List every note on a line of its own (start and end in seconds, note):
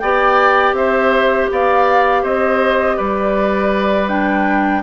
0.00 0.73 B3
0.00 4.09 G4
0.00 0.76 D5
0.00 0.74 G5
0.73 1.48 C4
0.73 1.51 C5
0.73 1.49 E5
1.52 2.24 B3
1.52 2.23 D5
1.52 2.25 F5
2.23 2.98 C4
2.23 2.97 C5
2.23 2.98 D#5
2.97 4.84 G3
2.97 4.82 B4
2.97 4.09 D5
4.09 4.83 D4
4.09 4.83 G5